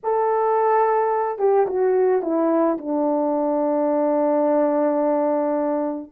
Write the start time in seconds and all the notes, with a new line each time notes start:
0.03 A4
1.38 G4
1.66 F#4
2.22 E4
2.78 D4